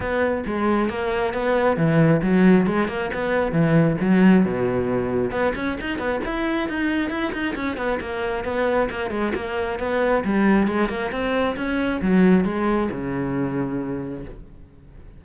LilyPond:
\new Staff \with { instrumentName = "cello" } { \time 4/4 \tempo 4 = 135 b4 gis4 ais4 b4 | e4 fis4 gis8 ais8 b4 | e4 fis4 b,2 | b8 cis'8 dis'8 b8 e'4 dis'4 |
e'8 dis'8 cis'8 b8 ais4 b4 | ais8 gis8 ais4 b4 g4 | gis8 ais8 c'4 cis'4 fis4 | gis4 cis2. | }